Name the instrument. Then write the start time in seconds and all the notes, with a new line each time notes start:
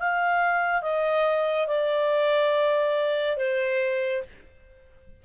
clarinet
0.00 F5
0.82 D#5
1.68 D5
3.37 C5